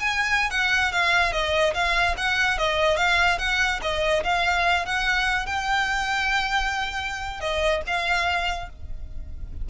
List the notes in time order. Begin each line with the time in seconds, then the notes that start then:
0.00 G#5
0.51 F#5
0.93 F5
1.33 D#5
1.74 F5
2.17 F#5
2.58 D#5
2.97 F5
3.39 F#5
3.82 D#5
4.24 F5
4.86 F#5
5.46 G5
7.41 D#5
7.87 F5